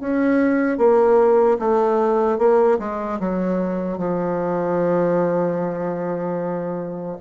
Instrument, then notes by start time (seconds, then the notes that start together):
bassoon
0.00 C#4
0.78 A#3
1.59 A3
2.38 A#3
2.79 G#3
3.20 F#3
3.98 F3